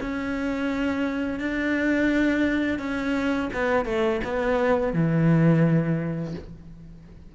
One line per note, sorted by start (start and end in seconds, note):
0.00 1.40 C#4
1.40 2.79 D4
2.79 3.49 C#4
3.53 3.85 B3
3.85 4.20 A3
4.24 4.93 B3
4.93 6.34 E3